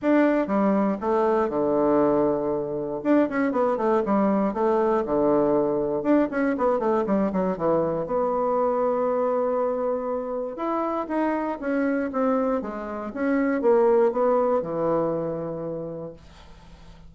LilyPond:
\new Staff \with { instrumentName = "bassoon" } { \time 4/4 \tempo 4 = 119 d'4 g4 a4 d4~ | d2 d'8 cis'8 b8 a8 | g4 a4 d2 | d'8 cis'8 b8 a8 g8 fis8 e4 |
b1~ | b4 e'4 dis'4 cis'4 | c'4 gis4 cis'4 ais4 | b4 e2. | }